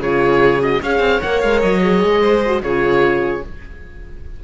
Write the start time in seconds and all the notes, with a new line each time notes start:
0.00 C#3 F4 G#4 C#5
0.62 F#4 D#5
0.82 C#4 G#4 C#5 F5
1.00 C4
1.22 A#3 A#4 F#5
1.41 G#3 F5
1.62 F#3 D#5
1.82 G#4
2.04 G#3
2.22 C5
2.46 F#4
2.62 C#3 F4 G#4 C#5